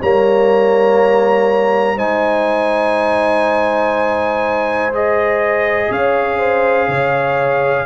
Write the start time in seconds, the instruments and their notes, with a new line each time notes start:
0.00 tuba G3, trombone A#3, horn C#5, trumpet A#5
1.96 tuba G#3, trombone D#4, horn C5, trumpet G#5
4.93 trombone G#4, trumpet D#5
5.90 tuba C#4, horn C#5, trumpet F5
6.39 horn C5
6.88 tuba C#3, horn C#5